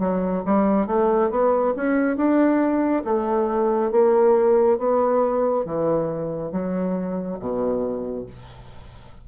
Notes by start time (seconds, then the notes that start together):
0.00 F#3
0.46 G3
0.87 A3
1.31 B3
1.77 C#4
2.17 D4
3.05 A3
3.92 A#3
4.79 B3
5.66 E3
6.52 F#3
7.40 B2